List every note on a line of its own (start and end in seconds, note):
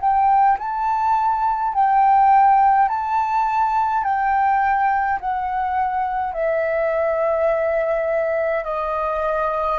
0.00 0.58 G5
0.58 1.74 A5
1.74 2.88 G5
2.88 4.04 A5
4.04 5.19 G5
5.20 6.34 F#5
6.34 8.64 E5
8.64 9.79 D#5